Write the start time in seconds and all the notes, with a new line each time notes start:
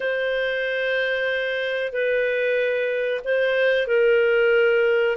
0.00 C5
1.92 B4
3.24 C5
3.87 A#4